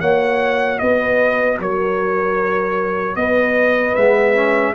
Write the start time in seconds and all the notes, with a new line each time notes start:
0.00 A#3 F#4 C#5 F#5
0.79 B3 B4 D#5
1.59 F#3 A#4 C#5
3.15 B3 B4 D#5
3.95 G#3 B3 E5
4.35 C#4